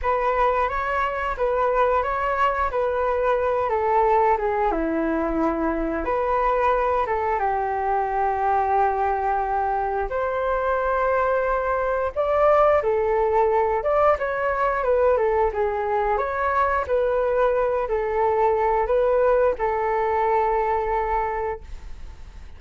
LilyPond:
\new Staff \with { instrumentName = "flute" } { \time 4/4 \tempo 4 = 89 b'4 cis''4 b'4 cis''4 | b'4. a'4 gis'8 e'4~ | e'4 b'4. a'8 g'4~ | g'2. c''4~ |
c''2 d''4 a'4~ | a'8 d''8 cis''4 b'8 a'8 gis'4 | cis''4 b'4. a'4. | b'4 a'2. | }